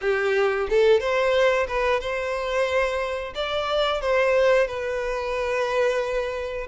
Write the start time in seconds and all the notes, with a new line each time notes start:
0.01 G4
0.69 A4
1.00 C5
1.67 B4
2.00 C5
3.35 D5
4.01 C5
4.67 B4